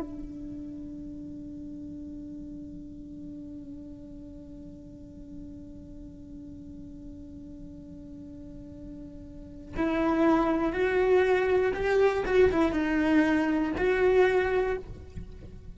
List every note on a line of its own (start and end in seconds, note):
0.00 9.75 D4
9.76 10.73 E4
10.73 11.73 F#4
11.75 12.25 G4
12.26 12.51 F#4
12.51 12.72 E4
12.72 13.72 D#4
13.78 14.78 F#4